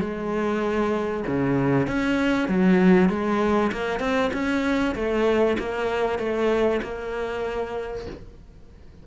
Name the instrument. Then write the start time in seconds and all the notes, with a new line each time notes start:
cello
0.00 G#3
1.27 C#3
1.87 C#4
2.48 F#3
3.09 G#3
3.72 A#3
4.00 C4
4.33 C#4
4.95 A3
5.58 A#3
6.19 A3
6.82 A#3